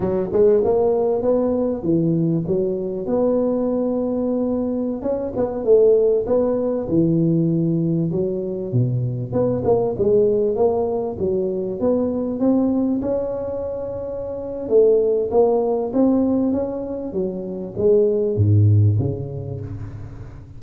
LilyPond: \new Staff \with { instrumentName = "tuba" } { \time 4/4 \tempo 4 = 98 fis8 gis8 ais4 b4 e4 | fis4 b2.~ | b16 cis'8 b8 a4 b4 e8.~ | e4~ e16 fis4 b,4 b8 ais16~ |
ais16 gis4 ais4 fis4 b8.~ | b16 c'4 cis'2~ cis'8. | a4 ais4 c'4 cis'4 | fis4 gis4 gis,4 cis4 | }